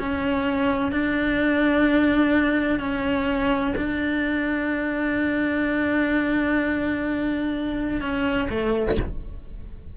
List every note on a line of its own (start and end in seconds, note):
0.00 0.93 C#4
0.93 2.80 D4
2.80 3.75 C#4
3.77 8.02 D4
8.02 8.49 C#4
8.50 8.97 A3